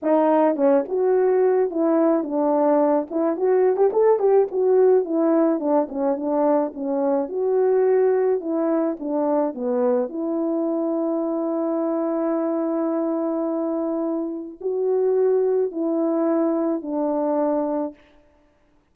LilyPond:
\new Staff \with { instrumentName = "horn" } { \time 4/4 \tempo 4 = 107 dis'4 cis'8 fis'4. e'4 | d'4. e'8 fis'8. g'16 a'8 g'8 | fis'4 e'4 d'8 cis'8 d'4 | cis'4 fis'2 e'4 |
d'4 b4 e'2~ | e'1~ | e'2 fis'2 | e'2 d'2 | }